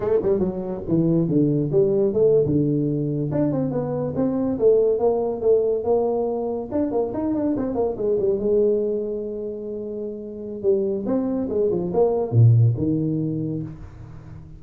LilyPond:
\new Staff \with { instrumentName = "tuba" } { \time 4/4 \tempo 4 = 141 a8 g8 fis4 e4 d4 | g4 a8. d2 d'16~ | d'16 c'8 b4 c'4 a4 ais16~ | ais8. a4 ais2 d'16~ |
d'16 ais8 dis'8 d'8 c'8 ais8 gis8 g8 gis16~ | gis1~ | gis4 g4 c'4 gis8 f8 | ais4 ais,4 dis2 | }